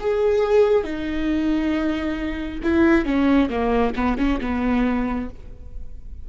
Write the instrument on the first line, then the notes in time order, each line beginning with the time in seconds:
viola
0.00 G#4
0.83 D#4
2.63 E4
3.05 C#4
3.49 A#3
3.95 B3
4.18 C#4
4.41 B3